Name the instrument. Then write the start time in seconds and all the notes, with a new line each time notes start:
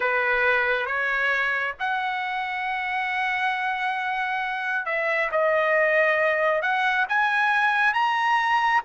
trumpet
0.00 B4
0.86 C#5
1.79 F#5
4.85 E5
5.31 D#5
6.62 F#5
7.08 G#5
7.93 A#5